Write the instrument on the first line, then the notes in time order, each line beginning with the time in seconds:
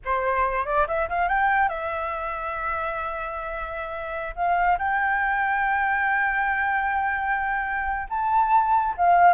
flute
0.04 C5
0.65 D5
0.87 E5
1.09 F5
1.28 G5
1.68 E5
4.35 F5
4.78 G5
8.09 A5
8.97 F5